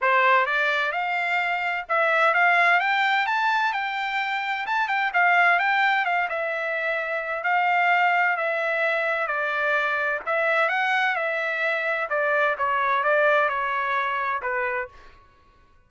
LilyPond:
\new Staff \with { instrumentName = "trumpet" } { \time 4/4 \tempo 4 = 129 c''4 d''4 f''2 | e''4 f''4 g''4 a''4 | g''2 a''8 g''8 f''4 | g''4 f''8 e''2~ e''8 |
f''2 e''2 | d''2 e''4 fis''4 | e''2 d''4 cis''4 | d''4 cis''2 b'4 | }